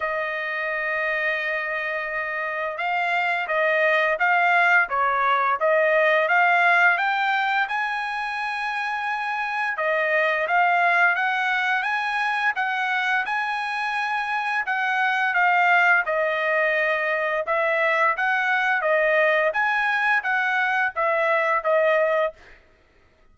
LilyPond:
\new Staff \with { instrumentName = "trumpet" } { \time 4/4 \tempo 4 = 86 dis''1 | f''4 dis''4 f''4 cis''4 | dis''4 f''4 g''4 gis''4~ | gis''2 dis''4 f''4 |
fis''4 gis''4 fis''4 gis''4~ | gis''4 fis''4 f''4 dis''4~ | dis''4 e''4 fis''4 dis''4 | gis''4 fis''4 e''4 dis''4 | }